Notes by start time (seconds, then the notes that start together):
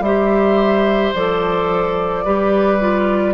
0.00 G3 G4 C5 E5
1.14 F3 A4 D5
2.25 G3 G4 B4
2.80 F4